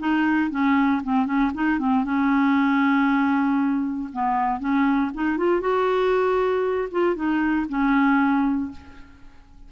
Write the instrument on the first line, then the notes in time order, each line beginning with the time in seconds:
clarinet
0.00 D#4
0.51 C#4
1.04 C4
1.26 C#4
1.55 D#4
1.79 C4
2.05 C#4
4.13 B3
4.60 C#4
5.14 D#4
5.38 F4
5.61 F#4
6.92 F4
7.16 D#4
7.69 C#4